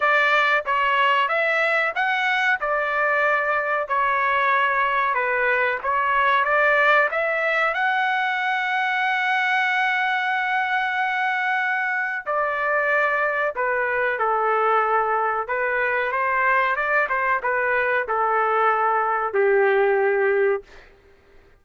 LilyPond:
\new Staff \with { instrumentName = "trumpet" } { \time 4/4 \tempo 4 = 93 d''4 cis''4 e''4 fis''4 | d''2 cis''2 | b'4 cis''4 d''4 e''4 | fis''1~ |
fis''2. d''4~ | d''4 b'4 a'2 | b'4 c''4 d''8 c''8 b'4 | a'2 g'2 | }